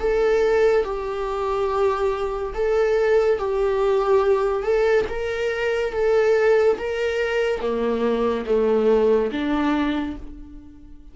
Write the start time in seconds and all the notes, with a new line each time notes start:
0.00 A4
0.84 G4
2.54 A4
3.38 G4
4.63 A4
5.09 A#4
5.93 A4
6.78 A#4
7.61 A#3
8.46 A3
9.32 D4